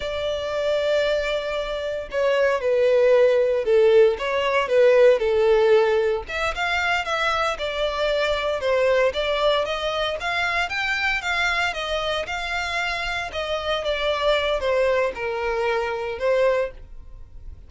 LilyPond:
\new Staff \with { instrumentName = "violin" } { \time 4/4 \tempo 4 = 115 d''1 | cis''4 b'2 a'4 | cis''4 b'4 a'2 | e''8 f''4 e''4 d''4.~ |
d''8 c''4 d''4 dis''4 f''8~ | f''8 g''4 f''4 dis''4 f''8~ | f''4. dis''4 d''4. | c''4 ais'2 c''4 | }